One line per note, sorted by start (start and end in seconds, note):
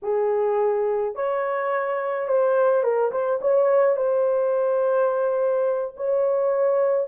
0.02 1.15 G#4
1.15 2.27 C#5
2.27 2.83 C5
2.83 3.11 A#4
3.11 3.39 C5
3.41 3.96 C#5
3.96 5.94 C5
5.96 7.07 C#5